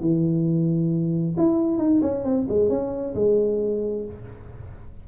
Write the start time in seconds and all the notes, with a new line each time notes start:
0.00 E3
1.37 E4
1.78 D#4
2.01 C#4
2.24 C4
2.49 G#3
2.69 C#4
3.15 G#3